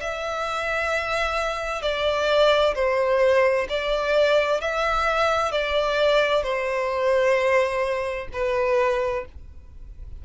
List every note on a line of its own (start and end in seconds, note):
0.00 1.82 E5
1.82 2.74 D5
2.74 3.67 C5
3.69 4.60 D5
4.60 5.51 E5
5.51 6.43 D5
6.43 8.27 C5
8.32 9.25 B4